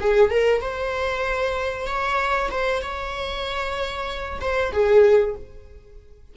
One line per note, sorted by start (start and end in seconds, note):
0.00 0.30 G#4
0.30 0.61 A#4
0.61 1.87 C5
1.87 2.50 C#5
2.50 2.82 C5
2.82 4.40 C#5
4.41 4.72 C5
4.72 5.35 G#4